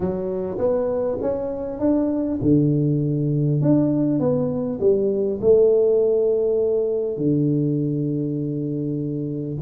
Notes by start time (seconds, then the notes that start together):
0.00 F#3
0.58 B3
1.21 C#4
1.79 D4
2.41 D3
3.61 D4
4.19 B3
4.79 G3
5.41 A3
7.17 D3